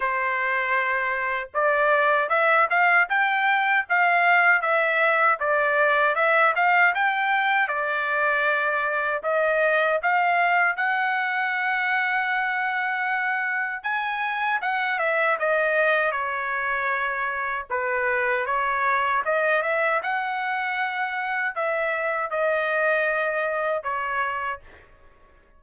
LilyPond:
\new Staff \with { instrumentName = "trumpet" } { \time 4/4 \tempo 4 = 78 c''2 d''4 e''8 f''8 | g''4 f''4 e''4 d''4 | e''8 f''8 g''4 d''2 | dis''4 f''4 fis''2~ |
fis''2 gis''4 fis''8 e''8 | dis''4 cis''2 b'4 | cis''4 dis''8 e''8 fis''2 | e''4 dis''2 cis''4 | }